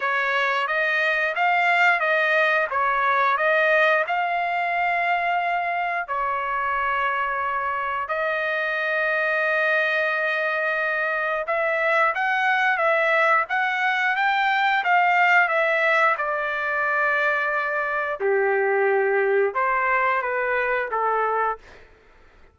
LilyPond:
\new Staff \with { instrumentName = "trumpet" } { \time 4/4 \tempo 4 = 89 cis''4 dis''4 f''4 dis''4 | cis''4 dis''4 f''2~ | f''4 cis''2. | dis''1~ |
dis''4 e''4 fis''4 e''4 | fis''4 g''4 f''4 e''4 | d''2. g'4~ | g'4 c''4 b'4 a'4 | }